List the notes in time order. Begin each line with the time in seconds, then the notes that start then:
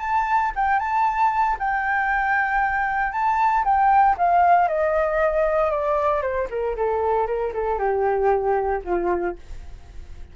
0.00 A5
0.55 G5
0.79 A5
1.59 G5
3.12 A5
3.64 G5
4.18 F5
4.68 D#5
5.70 D5
6.22 C5
6.50 A#4
6.76 A4
7.27 A#4
7.54 A4
7.78 G4
8.84 F4